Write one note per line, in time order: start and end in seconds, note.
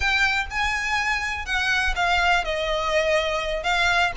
0.00 0.46 G5
0.50 1.45 G#5
1.45 1.94 F#5
1.95 2.44 F5
2.44 3.63 D#5
3.63 4.12 F5